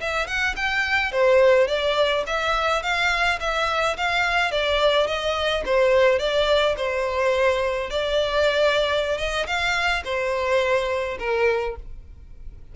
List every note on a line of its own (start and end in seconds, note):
0.00 0.27 E5
0.27 0.55 F#5
0.56 1.12 G5
1.12 1.67 C5
1.67 2.24 D5
2.26 2.82 E5
2.82 3.39 F5
3.40 3.96 E5
3.97 4.51 F5
4.51 5.07 D5
5.07 5.63 D#5
5.65 6.19 C5
6.19 6.75 D5
6.77 7.90 C5
7.90 9.17 D5
9.18 9.46 D#5
9.46 10.03 F5
10.04 11.18 C5
11.19 11.75 A#4